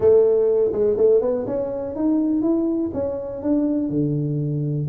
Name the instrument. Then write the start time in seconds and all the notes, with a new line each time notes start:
tuba
0.00 A3
0.72 G#3
0.97 A3
1.21 B3
1.46 C#4
1.95 D#4
2.42 E4
2.93 C#4
3.42 D4
3.89 D3